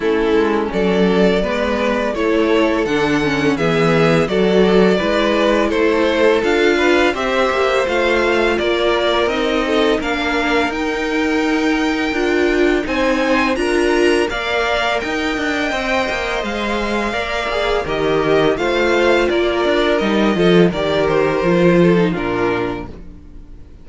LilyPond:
<<
  \new Staff \with { instrumentName = "violin" } { \time 4/4 \tempo 4 = 84 a'4 d''2 cis''4 | fis''4 e''4 d''2 | c''4 f''4 e''4 f''4 | d''4 dis''4 f''4 g''4~ |
g''2 gis''4 ais''4 | f''4 g''2 f''4~ | f''4 dis''4 f''4 d''4 | dis''4 d''8 c''4. ais'4 | }
  \new Staff \with { instrumentName = "violin" } { \time 4/4 e'4 a'4 b'4 a'4~ | a'4 gis'4 a'4 b'4 | a'4. b'8 c''2 | ais'4. a'8 ais'2~ |
ais'2 c''4 ais'4 | d''4 dis''2. | d''4 ais'4 c''4 ais'4~ | ais'8 a'8 ais'4. a'8 f'4 | }
  \new Staff \with { instrumentName = "viola" } { \time 4/4 cis'2 b4 e'4 | d'8 cis'8 b4 fis'4 e'4~ | e'4 f'4 g'4 f'4~ | f'4 dis'4 d'4 dis'4~ |
dis'4 f'4 dis'4 f'4 | ais'2 c''2 | ais'8 gis'8 g'4 f'2 | dis'8 f'8 g'4 f'8. dis'16 d'4 | }
  \new Staff \with { instrumentName = "cello" } { \time 4/4 a8 gis8 fis4 gis4 a4 | d4 e4 fis4 gis4 | a4 d'4 c'8 ais8 a4 | ais4 c'4 ais4 dis'4~ |
dis'4 d'4 c'4 d'4 | ais4 dis'8 d'8 c'8 ais8 gis4 | ais4 dis4 a4 ais8 d'8 | g8 f8 dis4 f4 ais,4 | }
>>